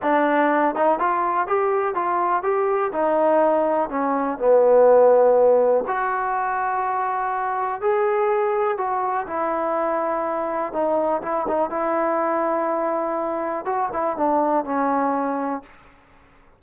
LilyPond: \new Staff \with { instrumentName = "trombone" } { \time 4/4 \tempo 4 = 123 d'4. dis'8 f'4 g'4 | f'4 g'4 dis'2 | cis'4 b2. | fis'1 |
gis'2 fis'4 e'4~ | e'2 dis'4 e'8 dis'8 | e'1 | fis'8 e'8 d'4 cis'2 | }